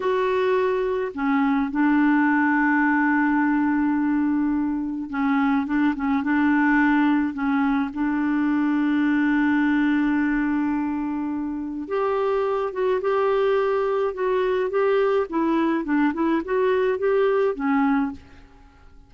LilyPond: \new Staff \with { instrumentName = "clarinet" } { \time 4/4 \tempo 4 = 106 fis'2 cis'4 d'4~ | d'1~ | d'4 cis'4 d'8 cis'8 d'4~ | d'4 cis'4 d'2~ |
d'1~ | d'4 g'4. fis'8 g'4~ | g'4 fis'4 g'4 e'4 | d'8 e'8 fis'4 g'4 cis'4 | }